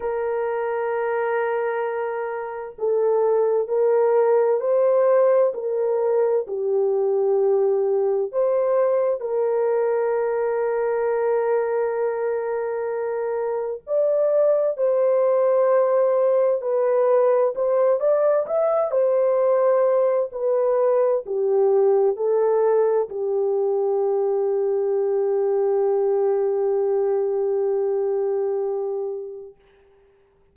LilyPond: \new Staff \with { instrumentName = "horn" } { \time 4/4 \tempo 4 = 65 ais'2. a'4 | ais'4 c''4 ais'4 g'4~ | g'4 c''4 ais'2~ | ais'2. d''4 |
c''2 b'4 c''8 d''8 | e''8 c''4. b'4 g'4 | a'4 g'2.~ | g'1 | }